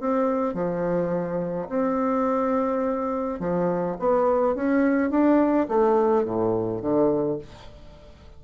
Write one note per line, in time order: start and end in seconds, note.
0.00 0.54 C4
0.54 1.69 F3
1.69 3.39 C4
3.39 3.97 F3
3.99 4.55 B3
4.55 5.10 C#4
5.10 5.68 D4
5.69 6.25 A3
6.25 6.82 A2
6.82 7.39 D3